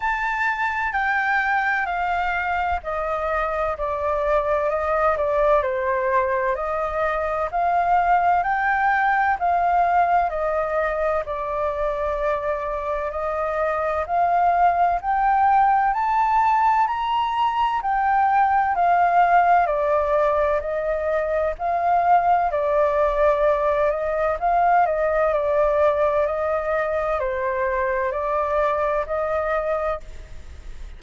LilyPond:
\new Staff \with { instrumentName = "flute" } { \time 4/4 \tempo 4 = 64 a''4 g''4 f''4 dis''4 | d''4 dis''8 d''8 c''4 dis''4 | f''4 g''4 f''4 dis''4 | d''2 dis''4 f''4 |
g''4 a''4 ais''4 g''4 | f''4 d''4 dis''4 f''4 | d''4. dis''8 f''8 dis''8 d''4 | dis''4 c''4 d''4 dis''4 | }